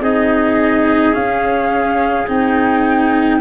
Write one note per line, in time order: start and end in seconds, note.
0.00 1.13 C4
0.00 1.13 D#4
0.00 3.41 G#4
0.00 1.14 D#5
1.13 2.27 C#4
1.13 2.28 C#4
1.13 2.27 F5
2.27 3.41 C4
2.27 3.40 D#4
2.27 3.41 G5